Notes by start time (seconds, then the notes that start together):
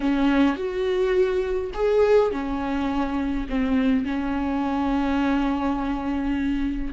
0.00 C#4
0.55 F#4
1.73 G#4
2.31 C#4
3.49 C4
4.05 C#4